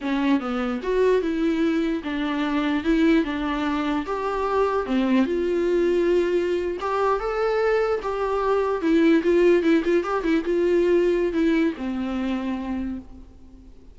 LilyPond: \new Staff \with { instrumentName = "viola" } { \time 4/4 \tempo 4 = 148 cis'4 b4 fis'4 e'4~ | e'4 d'2 e'4 | d'2 g'2 | c'4 f'2.~ |
f'8. g'4 a'2 g'16~ | g'4.~ g'16 e'4 f'4 e'16~ | e'16 f'8 g'8 e'8 f'2~ f'16 | e'4 c'2. | }